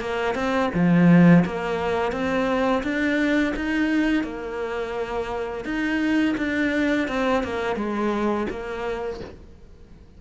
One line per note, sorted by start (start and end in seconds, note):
0.00 0.35 A#3
0.35 0.70 C4
0.74 1.44 F3
1.45 2.12 A#3
2.12 2.82 C4
2.83 3.54 D4
3.56 4.23 D#4
4.23 5.64 A#3
5.64 6.35 D#4
6.37 7.07 D4
7.08 7.43 C4
7.43 7.76 A#3
7.76 8.46 G#3
8.50 9.20 A#3